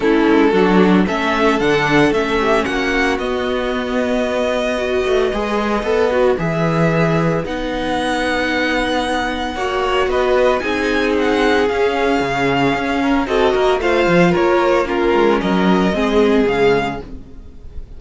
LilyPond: <<
  \new Staff \with { instrumentName = "violin" } { \time 4/4 \tempo 4 = 113 a'2 e''4 fis''4 | e''4 fis''4 dis''2~ | dis''1 | e''2 fis''2~ |
fis''2. dis''4 | gis''4 fis''4 f''2~ | f''4 dis''4 f''4 cis''4 | ais'4 dis''2 f''4 | }
  \new Staff \with { instrumentName = "violin" } { \time 4/4 e'4 fis'4 a'2~ | a'8 g'8 fis'2.~ | fis'4 b'2.~ | b'1~ |
b'2 cis''4 b'4 | gis'1~ | gis'8 ais'8 a'8 ais'8 c''4 ais'4 | f'4 ais'4 gis'2 | }
  \new Staff \with { instrumentName = "viola" } { \time 4/4 cis'4 d'4 cis'4 d'4 | cis'2 b2~ | b4 fis'4 gis'4 a'8 fis'8 | gis'2 dis'2~ |
dis'2 fis'2 | dis'2 cis'2~ | cis'4 fis'4 f'2 | cis'2 c'4 gis4 | }
  \new Staff \with { instrumentName = "cello" } { \time 4/4 a8 gis8 fis4 a4 d4 | a4 ais4 b2~ | b4. a8 gis4 b4 | e2 b2~ |
b2 ais4 b4 | c'2 cis'4 cis4 | cis'4 c'8 ais8 a8 f8 ais4~ | ais8 gis8 fis4 gis4 cis4 | }
>>